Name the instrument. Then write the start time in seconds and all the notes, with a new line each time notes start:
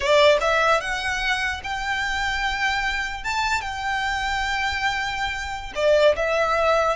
violin
0.00 D5
0.40 E5
0.81 F#5
1.63 G5
3.24 A5
3.61 G5
5.75 D5
6.16 E5